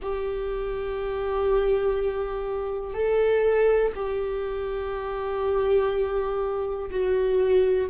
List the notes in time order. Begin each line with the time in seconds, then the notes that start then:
0.02 G4
2.94 A4
3.95 G4
6.90 F#4